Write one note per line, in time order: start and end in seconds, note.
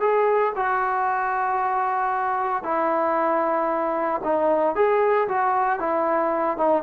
0.00 0.53 G#4
0.56 2.63 F#4
2.63 4.21 E4
4.23 4.75 D#4
4.75 5.28 G#4
5.28 5.79 F#4
5.79 6.57 E4
6.57 6.83 D#4